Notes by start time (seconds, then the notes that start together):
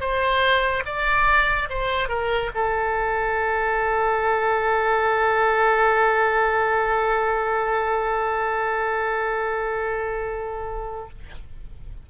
0.00 C5
0.85 D5
1.69 C5
2.09 A#4
2.54 A4